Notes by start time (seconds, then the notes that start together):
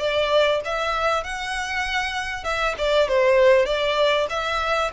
0.00 D5
0.65 E5
1.24 F#5
2.45 E5
2.78 D5
3.08 C5
3.66 D5
4.30 E5